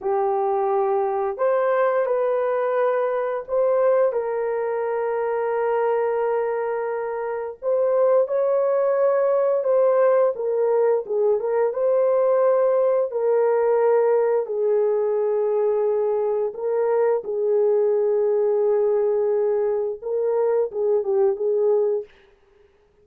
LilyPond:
\new Staff \with { instrumentName = "horn" } { \time 4/4 \tempo 4 = 87 g'2 c''4 b'4~ | b'4 c''4 ais'2~ | ais'2. c''4 | cis''2 c''4 ais'4 |
gis'8 ais'8 c''2 ais'4~ | ais'4 gis'2. | ais'4 gis'2.~ | gis'4 ais'4 gis'8 g'8 gis'4 | }